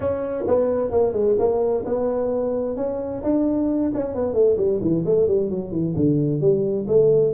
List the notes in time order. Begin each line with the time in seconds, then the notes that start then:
0.00 C#4
0.47 B3
0.91 A#3
1.13 G#3
1.38 A#3
1.85 B3
2.76 C#4
3.23 D4
3.94 C#4
4.14 B3
4.33 A3
4.57 G3
4.81 E3
5.05 A3
5.27 G3
5.50 F#3
5.71 E3
5.96 D3
6.40 G3
6.87 A3